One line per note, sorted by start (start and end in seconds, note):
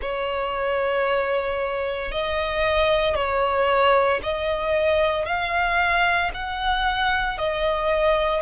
0.01 2.11 C#5
2.11 3.15 D#5
3.15 4.20 C#5
4.22 5.25 D#5
5.25 6.31 F5
6.33 7.38 F#5
7.38 8.42 D#5